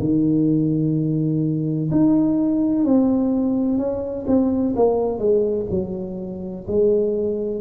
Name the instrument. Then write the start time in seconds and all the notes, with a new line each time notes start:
tuba
0.00 D#3
1.92 D#4
2.85 C4
3.78 C#4
4.27 C4
4.76 A#3
5.19 G#3
5.71 F#3
6.68 G#3